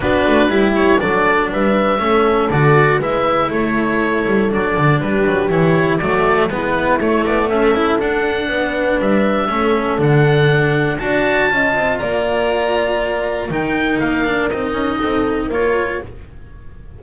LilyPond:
<<
  \new Staff \with { instrumentName = "oboe" } { \time 4/4 \tempo 4 = 120 b'4. cis''8 d''4 e''4~ | e''4 d''4 e''4 cis''4~ | cis''4 d''4 b'4 cis''4 | d''4 b'4 cis''8 d''8 e''4 |
fis''2 e''2 | fis''2 a''2 | ais''2. g''4 | f''4 dis''2 cis''4 | }
  \new Staff \with { instrumentName = "horn" } { \time 4/4 fis'4 g'4 a'4 b'4 | a'2 b'4 a'4~ | a'2 g'2 | fis'4 e'2 a'4~ |
a'4 b'2 a'4~ | a'2 d''4 dis''4 | d''2. ais'4~ | ais'2 a'4 ais'4 | }
  \new Staff \with { instrumentName = "cello" } { \time 4/4 d'4 e'4 d'2 | cis'4 fis'4 e'2~ | e'4 d'2 e'4 | a4 b4 a4. e'8 |
d'2. cis'4 | d'2 fis'4 f'4~ | f'2. dis'4~ | dis'8 d'8 dis'2 f'4 | }
  \new Staff \with { instrumentName = "double bass" } { \time 4/4 b8 a8 g4 fis4 g4 | a4 d4 gis4 a4~ | a8 g8 fis8 d8 g8 fis8 e4 | fis4 gis4 a8 b8 cis'4 |
d'4 b4 g4 a4 | d2 d'4 cis'8 c'8 | ais2. dis4 | ais4 c'8 cis'8 c'4 ais4 | }
>>